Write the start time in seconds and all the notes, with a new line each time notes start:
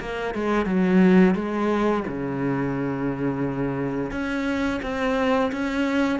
0.00 A#3
0.35 G#3
0.66 F#3
1.35 G#3
2.08 C#3
4.12 C#4
4.82 C4
5.52 C#4